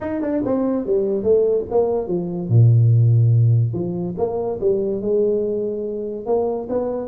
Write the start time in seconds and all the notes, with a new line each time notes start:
0.00 D#4
0.21 D4
0.45 C4
0.86 G3
1.23 A3
1.70 A#3
2.07 F3
2.48 A#2
3.73 F3
4.17 A#3
4.60 G3
5.01 G#3
6.26 A#3
6.69 B3